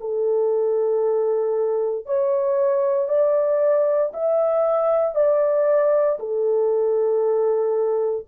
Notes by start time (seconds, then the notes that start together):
0.00 A4
2.05 C#5
3.08 D5
4.13 E5
5.15 D5
6.19 A4